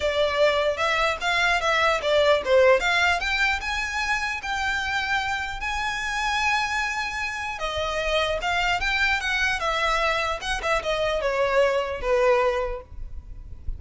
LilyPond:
\new Staff \with { instrumentName = "violin" } { \time 4/4 \tempo 4 = 150 d''2 e''4 f''4 | e''4 d''4 c''4 f''4 | g''4 gis''2 g''4~ | g''2 gis''2~ |
gis''2. dis''4~ | dis''4 f''4 g''4 fis''4 | e''2 fis''8 e''8 dis''4 | cis''2 b'2 | }